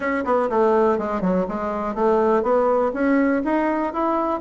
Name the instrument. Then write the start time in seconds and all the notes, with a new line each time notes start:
bassoon
0.00 C#4
0.24 B3
0.49 A3
0.98 G#3
1.21 F#3
1.48 G#3
1.94 A3
2.43 B3
2.93 C#4
3.44 D#4
3.93 E4